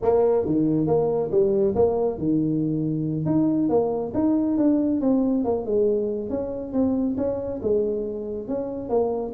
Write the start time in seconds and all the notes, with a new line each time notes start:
0.02 A#3
0.45 D#3
0.86 A#3
1.31 G3
1.75 A#3
2.17 D#3
3.25 D#4
3.69 A#3
4.14 D#4
4.57 D4
5.00 C4
5.44 A#3
5.65 G#3
6.29 C#4
6.72 C4
7.17 C#4
7.62 G#3
8.47 C#4
8.89 A#3